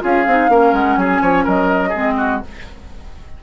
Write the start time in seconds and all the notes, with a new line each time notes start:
0.00 C#4 F4 G#4 F5
0.26 C4 D#4
0.49 A#3 C#4 A#4
0.72 G#3 F#5
0.96 F#3 G#4 G#5
1.21 F3 C#5
1.44 F#3 A#4 D#5
1.89 C4 G#4
1.95 G#3
2.17 F#4